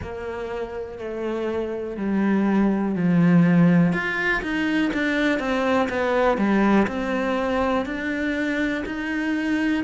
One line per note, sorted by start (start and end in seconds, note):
0.02 0.98 A#3
0.98 1.96 A3
1.96 2.95 G3
2.95 3.93 F3
3.93 4.42 F4
4.42 4.91 D#4
4.93 5.39 D4
5.39 5.88 C4
5.89 6.37 B3
6.37 6.86 G3
6.87 7.85 C4
7.85 8.83 D4
8.85 9.84 D#4